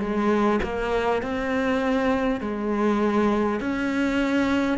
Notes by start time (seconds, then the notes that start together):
0.00 G#3
0.63 A#3
1.22 C4
2.41 G#3
3.61 C#4